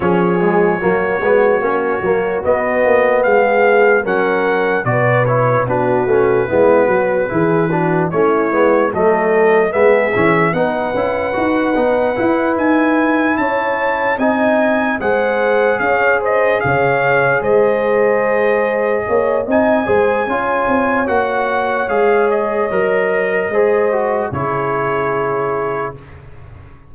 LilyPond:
<<
  \new Staff \with { instrumentName = "trumpet" } { \time 4/4 \tempo 4 = 74 cis''2. dis''4 | f''4 fis''4 d''8 cis''8 b'4~ | b'2 cis''4 dis''4 | e''4 fis''2~ fis''8 gis''8~ |
gis''8 a''4 gis''4 fis''4 f''8 | dis''8 f''4 dis''2~ dis''8 | gis''2 fis''4 f''8 dis''8~ | dis''2 cis''2 | }
  \new Staff \with { instrumentName = "horn" } { \time 4/4 gis'4 fis'2. | gis'4 ais'4 b'4 fis'4 | e'8 fis'8 gis'8 fis'8 e'4 a'4 | gis'4 b'2.~ |
b'8 cis''4 dis''4 c''4 cis''8 | c''8 cis''4 c''2 cis''8 | dis''8 c''8 cis''2.~ | cis''4 c''4 gis'2 | }
  \new Staff \with { instrumentName = "trombone" } { \time 4/4 cis'8 gis8 ais8 b8 cis'8 ais8 b4~ | b4 cis'4 fis'8 e'8 d'8 cis'8 | b4 e'8 d'8 cis'8 b8 a4 | b8 cis'8 dis'8 e'8 fis'8 dis'8 e'4~ |
e'4. dis'4 gis'4.~ | gis'1 | dis'8 gis'8 f'4 fis'4 gis'4 | ais'4 gis'8 fis'8 e'2 | }
  \new Staff \with { instrumentName = "tuba" } { \time 4/4 f4 fis8 gis8 ais8 fis8 b8 ais8 | gis4 fis4 b,4 b8 a8 | gis8 fis8 e4 a8 gis8 fis4 | gis8 e8 b8 cis'8 dis'8 b8 e'8 dis'8~ |
dis'8 cis'4 c'4 gis4 cis'8~ | cis'8 cis4 gis2 ais8 | c'8 gis8 cis'8 c'8 ais4 gis4 | fis4 gis4 cis2 | }
>>